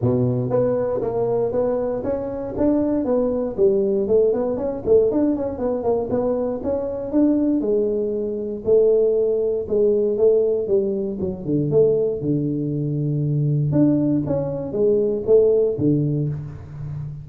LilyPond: \new Staff \with { instrumentName = "tuba" } { \time 4/4 \tempo 4 = 118 b,4 b4 ais4 b4 | cis'4 d'4 b4 g4 | a8 b8 cis'8 a8 d'8 cis'8 b8 ais8 | b4 cis'4 d'4 gis4~ |
gis4 a2 gis4 | a4 g4 fis8 d8 a4 | d2. d'4 | cis'4 gis4 a4 d4 | }